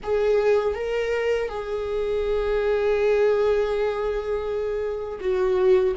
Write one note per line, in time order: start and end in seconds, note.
0.03 0.74 G#4
0.74 1.48 A#4
1.48 5.19 G#4
5.20 5.94 F#4